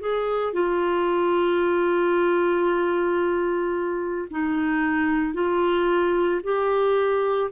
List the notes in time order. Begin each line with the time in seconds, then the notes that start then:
0.00 G#4
0.54 F4
4.31 D#4
5.34 F4
6.44 G4